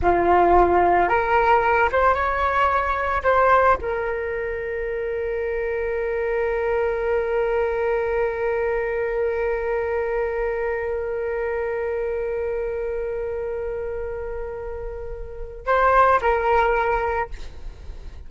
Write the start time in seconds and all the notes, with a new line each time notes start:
0.02 F4
1.08 A#4
1.92 C5
2.14 C#5
3.23 C5
3.81 A#4
15.66 C5
16.21 A#4